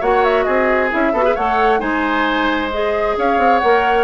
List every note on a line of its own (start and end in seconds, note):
0.00 0.46 A#3
0.00 0.90 F#4
0.00 0.45 C#5
0.00 0.24 F#5
0.24 0.43 E5
0.43 0.92 C4
0.43 1.12 G#4
0.43 0.88 D#5
0.90 1.12 C#4
0.90 1.12 E4
0.90 1.36 E5
1.12 1.35 B3
1.12 1.24 F#4
1.12 1.24 A4
1.24 1.35 G#4
1.24 1.35 B4
1.35 1.81 A3
1.35 1.78 A4
1.35 1.80 C#5
1.35 1.79 F#5
1.78 3.16 G#3
1.78 2.69 D#4
1.78 3.15 C5
1.78 2.70 G#5
2.72 3.63 G#4
2.72 3.17 D#5
3.17 3.38 C#4
3.17 4.03 C#5
3.17 3.58 F5
3.38 3.61 C4
3.58 4.03 A#3
3.58 4.03 A#4
3.58 4.03 F#5